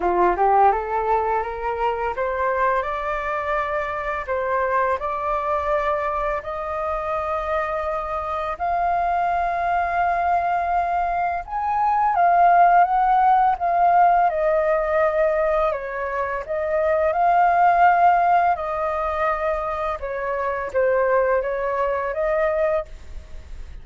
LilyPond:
\new Staff \with { instrumentName = "flute" } { \time 4/4 \tempo 4 = 84 f'8 g'8 a'4 ais'4 c''4 | d''2 c''4 d''4~ | d''4 dis''2. | f''1 |
gis''4 f''4 fis''4 f''4 | dis''2 cis''4 dis''4 | f''2 dis''2 | cis''4 c''4 cis''4 dis''4 | }